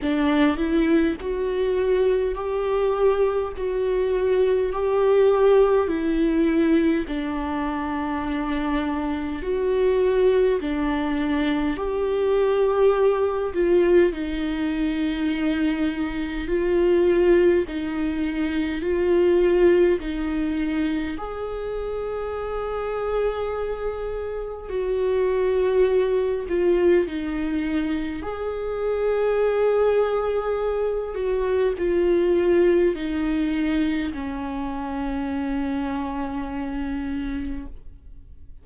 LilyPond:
\new Staff \with { instrumentName = "viola" } { \time 4/4 \tempo 4 = 51 d'8 e'8 fis'4 g'4 fis'4 | g'4 e'4 d'2 | fis'4 d'4 g'4. f'8 | dis'2 f'4 dis'4 |
f'4 dis'4 gis'2~ | gis'4 fis'4. f'8 dis'4 | gis'2~ gis'8 fis'8 f'4 | dis'4 cis'2. | }